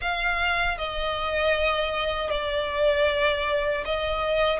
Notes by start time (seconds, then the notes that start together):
0.01 F5
0.78 D#5
2.30 D5
3.85 D#5